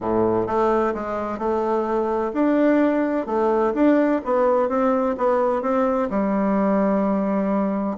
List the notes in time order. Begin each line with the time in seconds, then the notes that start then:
0.00 A2
0.46 A3
0.94 G#3
1.38 A3
2.33 D4
3.26 A3
3.74 D4
4.24 B3
4.68 C4
5.17 B3
5.61 C4
6.10 G3